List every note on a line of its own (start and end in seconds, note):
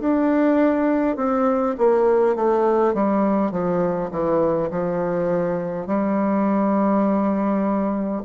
0.00 1.17 D4
1.17 1.75 C4
1.78 2.35 A#3
2.35 2.94 A3
2.94 3.51 G3
3.51 4.10 F3
4.11 4.70 E3
4.71 5.87 F3
5.87 8.22 G3